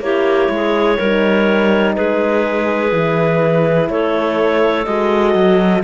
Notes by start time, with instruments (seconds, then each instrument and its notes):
0.00 cello A#3, horn E4, clarinet G4 C#5
0.49 cello G#3, clarinet G#4
0.98 cello G3, horn D#4, clarinet A#4
1.95 cello G#3, clarinet G#4 B4
2.92 cello E3, horn E4
3.90 cello A3, clarinet A4 C#5
4.85 cello G#3, horn F#4, clarinet D#5
5.35 cello F#3